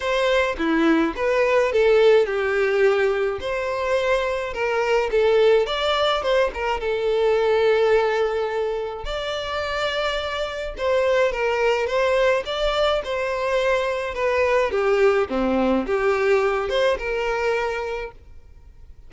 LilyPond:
\new Staff \with { instrumentName = "violin" } { \time 4/4 \tempo 4 = 106 c''4 e'4 b'4 a'4 | g'2 c''2 | ais'4 a'4 d''4 c''8 ais'8 | a'1 |
d''2. c''4 | ais'4 c''4 d''4 c''4~ | c''4 b'4 g'4 c'4 | g'4. c''8 ais'2 | }